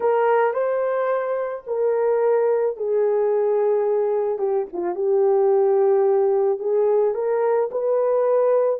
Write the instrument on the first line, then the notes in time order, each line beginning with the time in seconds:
horn
0.00 A#4
0.53 C5
1.66 A#4
2.76 G#4
4.38 G4
4.73 F4
4.95 G4
6.59 G#4
7.14 A#4
7.71 B4